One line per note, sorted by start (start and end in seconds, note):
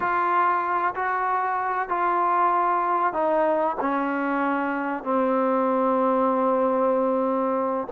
0.00 0.94 F4
0.95 1.89 F#4
1.89 3.13 F4
3.13 3.76 D#4
3.80 5.03 C#4
5.03 7.87 C4